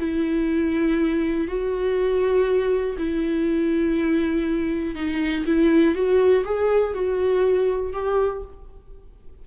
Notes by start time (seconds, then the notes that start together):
0.00 E4
1.48 F#4
2.98 E4
4.96 D#4
5.46 E4
5.95 F#4
6.45 G#4
6.95 F#4
7.93 G4